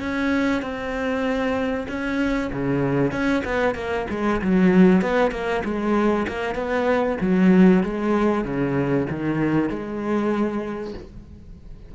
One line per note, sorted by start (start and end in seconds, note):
0.00 0.62 C#4
0.62 1.87 C4
1.89 2.51 C#4
2.53 3.12 C#3
3.12 3.43 C#4
3.45 3.75 B3
3.75 4.06 A#3
4.10 4.41 G#3
4.42 5.02 F#3
5.02 5.32 B3
5.32 5.63 A#3
5.65 6.27 G#3
6.28 6.55 A#3
6.55 7.18 B3
7.21 7.84 F#3
7.84 8.45 G#3
8.45 9.07 C#3
9.10 9.69 D#3
9.69 10.94 G#3